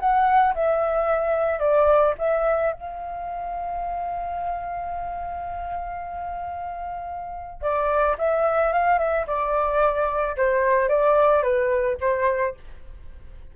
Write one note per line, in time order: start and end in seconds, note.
0.00 0.55 F#5
0.55 1.60 E5
1.60 2.14 D5
2.18 2.73 E5
2.73 7.62 F5
7.62 8.17 D5
8.18 8.73 E5
8.73 8.99 F5
8.99 9.26 E5
9.27 10.36 D5
10.37 10.89 C5
10.89 11.43 D5
11.43 11.97 B4
12.01 12.55 C5